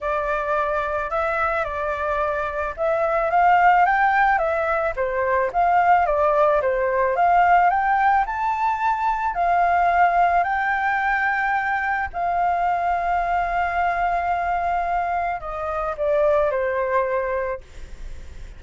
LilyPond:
\new Staff \with { instrumentName = "flute" } { \time 4/4 \tempo 4 = 109 d''2 e''4 d''4~ | d''4 e''4 f''4 g''4 | e''4 c''4 f''4 d''4 | c''4 f''4 g''4 a''4~ |
a''4 f''2 g''4~ | g''2 f''2~ | f''1 | dis''4 d''4 c''2 | }